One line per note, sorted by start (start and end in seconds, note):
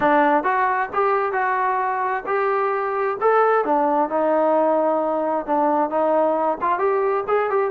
0.00 0.43 D4
0.43 0.89 F#4
0.93 1.32 G4
1.32 2.23 F#4
2.26 3.17 G4
3.20 3.64 A4
3.64 4.09 D4
4.09 5.45 D#4
5.46 5.90 D4
5.90 6.58 D#4
6.61 6.79 F4
6.79 7.24 G4
7.27 7.50 G#4
7.50 7.70 G4